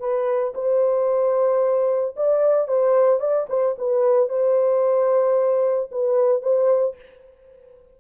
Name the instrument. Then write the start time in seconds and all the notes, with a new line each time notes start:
horn
0.00 B4
0.55 C5
2.16 D5
2.68 C5
3.20 D5
3.49 C5
3.78 B4
4.29 C5
5.92 B4
6.43 C5